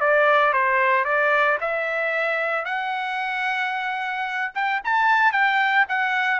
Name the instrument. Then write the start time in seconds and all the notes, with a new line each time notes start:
trumpet
0.00 D5
0.53 C5
1.04 D5
1.60 E5
2.64 F#5
4.54 G5
4.84 A5
5.32 G5
5.88 F#5